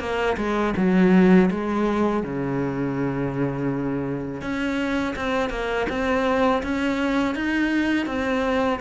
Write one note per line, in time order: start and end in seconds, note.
0.00 0.37 A#3
0.37 0.74 G#3
0.76 1.50 F#3
1.51 2.24 G#3
2.24 4.41 C#3
4.41 5.15 C#4
5.16 5.50 C4
5.50 5.86 A#3
5.89 6.63 C4
6.63 7.35 C#4
7.35 8.06 D#4
8.06 8.79 C4